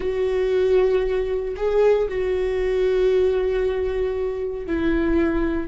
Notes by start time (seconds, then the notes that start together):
0.00 F#4
1.56 G#4
2.08 F#4
4.66 E4